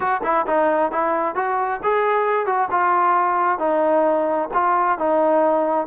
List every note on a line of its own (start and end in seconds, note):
0.00 0.21 F#4
0.23 0.46 E4
0.46 0.91 D#4
0.91 1.35 E4
1.35 1.80 F#4
1.83 2.45 G#4
2.45 2.68 F#4
2.70 3.58 F4
3.58 4.48 D#4
4.53 4.98 F4
4.98 5.86 D#4